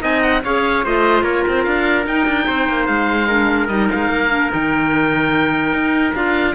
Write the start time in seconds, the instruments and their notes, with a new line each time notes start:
0.00 cello C4, clarinet D#4, trumpet D#5, oboe G#5
0.22 oboe F#5
0.43 cello C#4, clarinet G#4, trumpet C#5, oboe F5
0.84 cello A3, clarinet F4, trumpet C5, oboe D#5
1.23 cello A#3, trumpet A#4, oboe C#5
1.47 cello C4, oboe C5
1.64 cello D4, oboe F5
2.06 cello D#4, clarinet D#4, oboe G5
2.27 cello D4
2.47 cello C4, trumpet C5
2.68 cello A#3
2.86 cello G#3, oboe F5
3.27 clarinet D4, trumpet A#4
3.68 cello G3, clarinet D#4, oboe D#5
3.91 cello G#3, oboe F5
4.09 cello A#3
4.29 clarinet D4
4.49 cello D#3, clarinet D#4, oboe G5
5.72 cello D#4
6.15 cello D4, clarinet F4, oboe F5